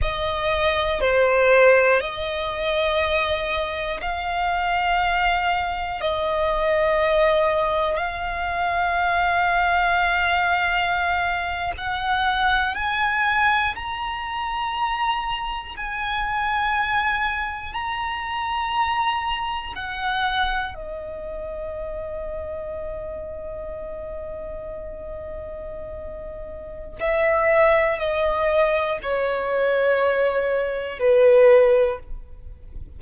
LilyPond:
\new Staff \with { instrumentName = "violin" } { \time 4/4 \tempo 4 = 60 dis''4 c''4 dis''2 | f''2 dis''2 | f''2.~ f''8. fis''16~ | fis''8. gis''4 ais''2 gis''16~ |
gis''4.~ gis''16 ais''2 fis''16~ | fis''8. dis''2.~ dis''16~ | dis''2. e''4 | dis''4 cis''2 b'4 | }